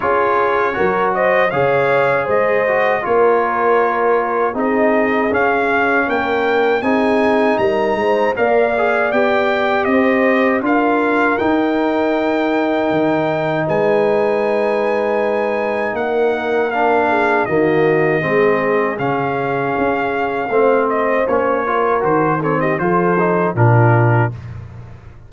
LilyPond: <<
  \new Staff \with { instrumentName = "trumpet" } { \time 4/4 \tempo 4 = 79 cis''4. dis''8 f''4 dis''4 | cis''2 dis''4 f''4 | g''4 gis''4 ais''4 f''4 | g''4 dis''4 f''4 g''4~ |
g''2 gis''2~ | gis''4 fis''4 f''4 dis''4~ | dis''4 f''2~ f''8 dis''8 | cis''4 c''8 cis''16 dis''16 c''4 ais'4 | }
  \new Staff \with { instrumentName = "horn" } { \time 4/4 gis'4 ais'8 c''8 cis''4 c''4 | ais'2 gis'2 | ais'4 gis'4 ais'8 c''8 d''4~ | d''4 c''4 ais'2~ |
ais'2 b'2~ | b'4 ais'4. gis'8 fis'4 | gis'2. c''4~ | c''8 ais'4 a'16 g'16 a'4 f'4 | }
  \new Staff \with { instrumentName = "trombone" } { \time 4/4 f'4 fis'4 gis'4. fis'8 | f'2 dis'4 cis'4~ | cis'4 dis'2 ais'8 gis'8 | g'2 f'4 dis'4~ |
dis'1~ | dis'2 d'4 ais4 | c'4 cis'2 c'4 | cis'8 f'8 fis'8 c'8 f'8 dis'8 d'4 | }
  \new Staff \with { instrumentName = "tuba" } { \time 4/4 cis'4 fis4 cis4 gis4 | ais2 c'4 cis'4 | ais4 c'4 g8 gis8 ais4 | b4 c'4 d'4 dis'4~ |
dis'4 dis4 gis2~ | gis4 ais2 dis4 | gis4 cis4 cis'4 a4 | ais4 dis4 f4 ais,4 | }
>>